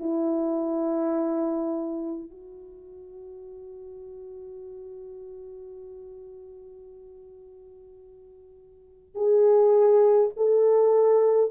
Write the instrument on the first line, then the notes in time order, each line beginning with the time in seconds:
horn
0.00 E4
2.30 F#4
9.15 G#4
10.37 A4